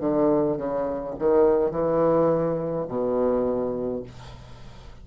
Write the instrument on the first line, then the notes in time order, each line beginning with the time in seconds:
bassoon
0.00 D3
0.57 C#3
1.19 D#3
1.70 E3
2.87 B2